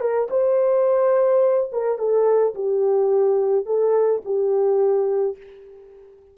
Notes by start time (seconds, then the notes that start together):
0.00 A#4
0.30 C5
1.72 A#4
1.98 A4
2.55 G4
3.66 A4
4.25 G4